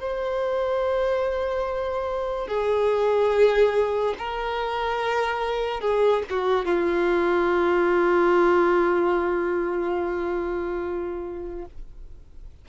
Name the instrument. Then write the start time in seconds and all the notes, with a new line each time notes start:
violin
0.00 C5
2.48 G#4
4.18 A#4
5.81 G#4
6.30 F#4
6.65 F4